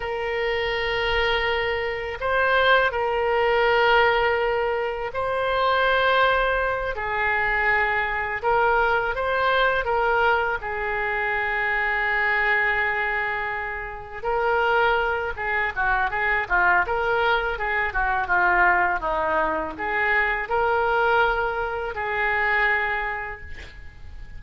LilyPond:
\new Staff \with { instrumentName = "oboe" } { \time 4/4 \tempo 4 = 82 ais'2. c''4 | ais'2. c''4~ | c''4. gis'2 ais'8~ | ais'8 c''4 ais'4 gis'4.~ |
gis'2.~ gis'8 ais'8~ | ais'4 gis'8 fis'8 gis'8 f'8 ais'4 | gis'8 fis'8 f'4 dis'4 gis'4 | ais'2 gis'2 | }